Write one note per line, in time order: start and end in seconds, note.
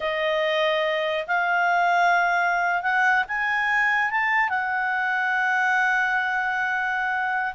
0.00 1.26 D#5
1.27 2.82 F5
2.82 3.24 F#5
3.28 4.11 G#5
4.11 4.49 A5
4.49 7.53 F#5